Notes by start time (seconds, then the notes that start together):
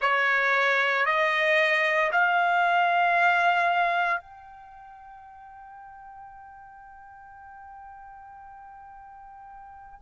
0.00 C#5
1.05 D#5
2.11 F5
4.20 G5